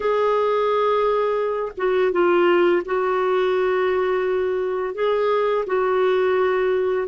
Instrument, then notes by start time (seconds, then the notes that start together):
clarinet
0.00 G#4
1.77 F#4
2.12 F4
2.85 F#4
4.94 G#4
5.66 F#4